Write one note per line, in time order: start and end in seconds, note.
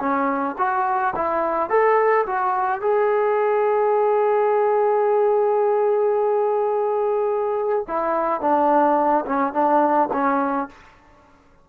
0.00 0.56 C#4
0.58 1.14 F#4
1.16 1.70 E4
1.70 2.26 A4
2.27 2.82 F#4
2.82 7.86 G#4
7.88 8.41 E4
8.41 9.25 D4
9.26 9.54 C#4
9.54 10.10 D4
10.13 10.69 C#4